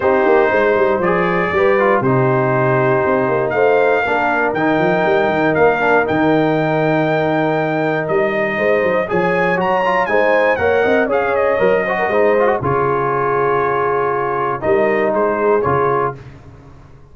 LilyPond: <<
  \new Staff \with { instrumentName = "trumpet" } { \time 4/4 \tempo 4 = 119 c''2 d''2 | c''2. f''4~ | f''4 g''2 f''4 | g''1 |
dis''2 gis''4 ais''4 | gis''4 fis''4 f''8 dis''4.~ | dis''4 cis''2.~ | cis''4 dis''4 c''4 cis''4 | }
  \new Staff \with { instrumentName = "horn" } { \time 4/4 g'4 c''2 b'4 | g'2. c''4 | ais'1~ | ais'1~ |
ais'4 c''4 cis''2 | c''4 cis''8 dis''8 cis''4. c''16 ais'16 | c''4 gis'2.~ | gis'4 ais'4 gis'2 | }
  \new Staff \with { instrumentName = "trombone" } { \time 4/4 dis'2 gis'4 g'8 f'8 | dis'1 | d'4 dis'2~ dis'8 d'8 | dis'1~ |
dis'2 gis'4 fis'8 f'8 | dis'4 ais'4 gis'4 ais'8 fis'8 | dis'8 f'16 fis'16 f'2.~ | f'4 dis'2 f'4 | }
  \new Staff \with { instrumentName = "tuba" } { \time 4/4 c'8 ais8 gis8 g8 f4 g4 | c2 c'8 ais8 a4 | ais4 dis8 f8 g8 dis8 ais4 | dis1 |
g4 gis8 fis8 f4 fis4 | gis4 ais8 c'8 cis'4 fis4 | gis4 cis2.~ | cis4 g4 gis4 cis4 | }
>>